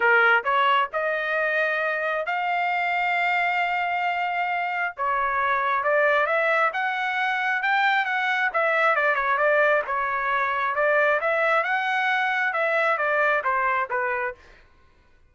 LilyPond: \new Staff \with { instrumentName = "trumpet" } { \time 4/4 \tempo 4 = 134 ais'4 cis''4 dis''2~ | dis''4 f''2.~ | f''2. cis''4~ | cis''4 d''4 e''4 fis''4~ |
fis''4 g''4 fis''4 e''4 | d''8 cis''8 d''4 cis''2 | d''4 e''4 fis''2 | e''4 d''4 c''4 b'4 | }